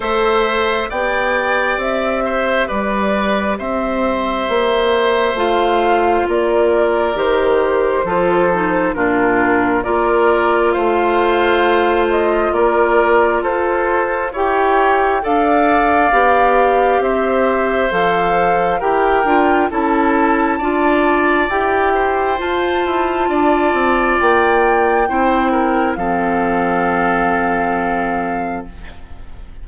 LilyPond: <<
  \new Staff \with { instrumentName = "flute" } { \time 4/4 \tempo 4 = 67 e''4 g''4 e''4 d''4 | e''2 f''4 d''4 | c''2 ais'4 d''4 | f''4. dis''8 d''4 c''4 |
g''4 f''2 e''4 | f''4 g''4 a''2 | g''4 a''2 g''4~ | g''4 f''2. | }
  \new Staff \with { instrumentName = "oboe" } { \time 4/4 c''4 d''4. c''8 b'4 | c''2. ais'4~ | ais'4 a'4 f'4 ais'4 | c''2 ais'4 a'4 |
cis''4 d''2 c''4~ | c''4 ais'4 a'4 d''4~ | d''8 c''4. d''2 | c''8 ais'8 a'2. | }
  \new Staff \with { instrumentName = "clarinet" } { \time 4/4 a'4 g'2.~ | g'2 f'2 | g'4 f'8 dis'8 d'4 f'4~ | f'1 |
g'4 a'4 g'2 | a'4 g'8 f'8 e'4 f'4 | g'4 f'2. | e'4 c'2. | }
  \new Staff \with { instrumentName = "bassoon" } { \time 4/4 a4 b4 c'4 g4 | c'4 ais4 a4 ais4 | dis4 f4 ais,4 ais4 | a2 ais4 f'4 |
e'4 d'4 b4 c'4 | f4 e'8 d'8 cis'4 d'4 | e'4 f'8 e'8 d'8 c'8 ais4 | c'4 f2. | }
>>